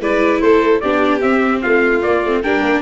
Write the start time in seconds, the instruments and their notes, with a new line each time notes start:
0.00 tuba G#3, viola E4, violin B4, trumpet D5
0.42 tuba A3, violin A4, trumpet C5
0.81 tuba B3, viola D4, violin G4, trumpet D5
1.21 viola C4, tuba C4, trumpet E5
1.62 tuba A3, violin F4, trumpet F5
2.03 viola A#3, tuba A#3, trumpet D5
2.25 tuba A3, viola C4
2.43 tuba G3, viola D4, violin A#4, trumpet G5
2.62 tuba A#3